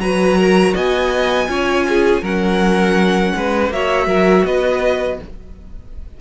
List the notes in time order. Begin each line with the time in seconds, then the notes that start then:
0.00 F#3 F#4 B4 A#5
0.39 A#4
0.74 B3 D#5 G#5
1.48 C#4 F4 C#5
1.89 G#4
2.23 F#3 C#4 A#4 F#5
3.36 G#3 B4
3.70 A#3 F#4 C#5 E5
4.07 F#3 A#4
4.46 B3 B4 D#5